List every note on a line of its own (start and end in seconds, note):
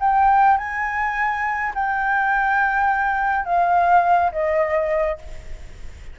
0.00 0.58 G5
0.58 1.73 G#5
1.75 3.45 G5
3.45 4.32 F5
4.32 5.19 D#5